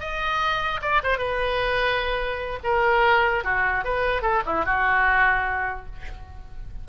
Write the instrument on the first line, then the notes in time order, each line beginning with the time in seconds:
oboe
0.00 D#5
0.82 D5
1.03 C5
1.18 B4
2.63 A#4
3.44 F#4
3.84 B4
4.22 A4
4.46 E4
4.65 F#4